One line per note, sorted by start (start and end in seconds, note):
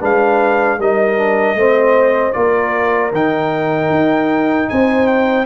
0.00 0.79 G#3
0.00 0.79 D4
0.00 0.78 B4
0.00 0.81 F5
0.79 1.55 G3
0.79 1.18 D#4
0.79 1.58 A#4
0.79 2.33 D#5
1.18 1.57 D4
1.55 2.33 A3
1.55 2.34 C4
1.55 2.37 C5
2.33 3.12 A#3
2.33 3.12 F4
2.33 4.71 A#4
2.33 3.11 D5
3.12 3.90 D#3
3.12 5.46 D#4
3.12 4.70 G5
3.90 4.68 D#4
4.70 5.46 C4
4.70 5.46 C5
4.70 5.08 G#5
5.08 5.46 G5